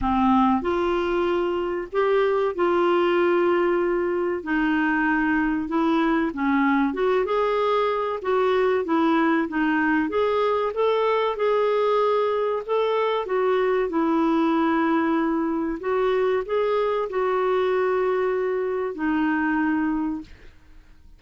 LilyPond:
\new Staff \with { instrumentName = "clarinet" } { \time 4/4 \tempo 4 = 95 c'4 f'2 g'4 | f'2. dis'4~ | dis'4 e'4 cis'4 fis'8 gis'8~ | gis'4 fis'4 e'4 dis'4 |
gis'4 a'4 gis'2 | a'4 fis'4 e'2~ | e'4 fis'4 gis'4 fis'4~ | fis'2 dis'2 | }